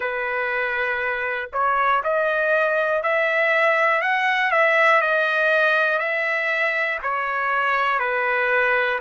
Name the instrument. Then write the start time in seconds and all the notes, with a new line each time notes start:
trumpet
0.00 B4
1.52 C#5
2.03 D#5
3.02 E5
4.01 F#5
4.51 E5
5.01 D#5
5.98 E5
7.03 C#5
7.99 B4